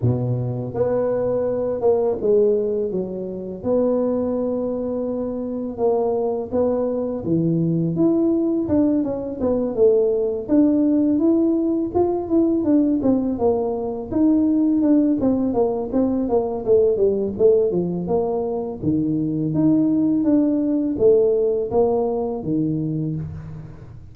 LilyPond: \new Staff \with { instrumentName = "tuba" } { \time 4/4 \tempo 4 = 83 b,4 b4. ais8 gis4 | fis4 b2. | ais4 b4 e4 e'4 | d'8 cis'8 b8 a4 d'4 e'8~ |
e'8 f'8 e'8 d'8 c'8 ais4 dis'8~ | dis'8 d'8 c'8 ais8 c'8 ais8 a8 g8 | a8 f8 ais4 dis4 dis'4 | d'4 a4 ais4 dis4 | }